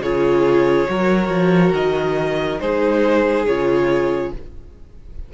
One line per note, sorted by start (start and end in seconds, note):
0.00 0.86 C#3
0.00 0.88 F4
0.00 0.89 G#4
0.00 1.74 C#5
0.88 1.29 F#3
0.88 2.59 F#4
0.88 2.61 A#4
1.29 1.72 F3
1.74 2.59 D#3
1.74 2.60 D#5
2.60 3.46 G#3
2.60 3.47 D#4
2.60 4.32 G#4
2.60 3.46 C5
3.46 4.32 C#3
3.46 4.34 F4
3.46 4.32 C#5